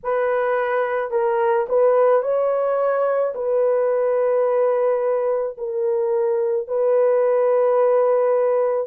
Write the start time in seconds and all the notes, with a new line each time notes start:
0.03 B4
1.11 A#4
1.69 B4
2.22 C#5
3.34 B4
5.57 A#4
6.67 B4